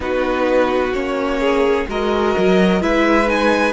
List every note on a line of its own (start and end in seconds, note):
0.00 0.92 B3
0.00 0.93 D#4
0.00 1.39 F#4
0.00 0.93 B4
0.93 1.87 A#3
0.93 1.87 C#4
0.93 1.87 C#5
1.39 1.86 G#4
1.88 2.35 G#3
1.88 2.81 F#4
1.88 2.81 A#4
1.88 2.82 D#5
2.37 2.81 F#3
2.81 3.72 G#3
2.81 3.26 E4
2.81 3.72 B4
2.81 3.29 E5
3.26 3.72 D#4
3.26 3.72 G#5